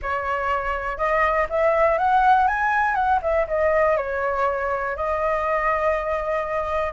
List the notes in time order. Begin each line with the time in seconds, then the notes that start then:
0.02 C#5
0.97 D#5
1.49 E5
1.98 F#5
2.47 G#5
2.94 F#5
3.22 E5
3.47 D#5
3.96 C#5
4.96 D#5